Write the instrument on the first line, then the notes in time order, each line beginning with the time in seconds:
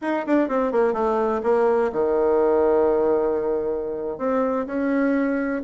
bassoon
0.01 D#4
0.26 D4
0.48 C4
0.72 A#3
0.93 A3
1.43 A#3
1.92 D#3
4.18 C4
4.66 C#4